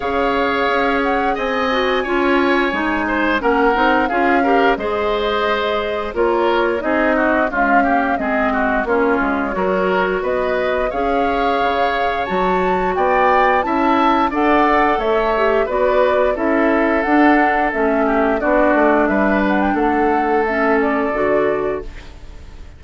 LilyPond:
<<
  \new Staff \with { instrumentName = "flute" } { \time 4/4 \tempo 4 = 88 f''4. fis''8 gis''2~ | gis''4 fis''4 f''4 dis''4~ | dis''4 cis''4 dis''4 f''4 | dis''4 cis''2 dis''4 |
f''2 a''4 g''4 | a''4 fis''4 e''4 d''4 | e''4 fis''4 e''4 d''4 | e''8 fis''16 g''16 fis''4 e''8 d''4. | }
  \new Staff \with { instrumentName = "oboe" } { \time 4/4 cis''2 dis''4 cis''4~ | cis''8 c''8 ais'4 gis'8 ais'8 c''4~ | c''4 ais'4 gis'8 fis'8 f'8 g'8 | gis'8 fis'8 f'4 ais'4 b'4 |
cis''2. d''4 | e''4 d''4 cis''4 b'4 | a'2~ a'8 g'8 fis'4 | b'4 a'2. | }
  \new Staff \with { instrumentName = "clarinet" } { \time 4/4 gis'2~ gis'8 fis'8 f'4 | dis'4 cis'8 dis'8 f'8 g'8 gis'4~ | gis'4 f'4 dis'4 gis8 ais8 | c'4 cis'4 fis'2 |
gis'2 fis'2 | e'4 a'4. g'8 fis'4 | e'4 d'4 cis'4 d'4~ | d'2 cis'4 fis'4 | }
  \new Staff \with { instrumentName = "bassoon" } { \time 4/4 cis4 cis'4 c'4 cis'4 | gis4 ais8 c'8 cis'4 gis4~ | gis4 ais4 c'4 cis'4 | gis4 ais8 gis8 fis4 b4 |
cis'4 cis4 fis4 b4 | cis'4 d'4 a4 b4 | cis'4 d'4 a4 b8 a8 | g4 a2 d4 | }
>>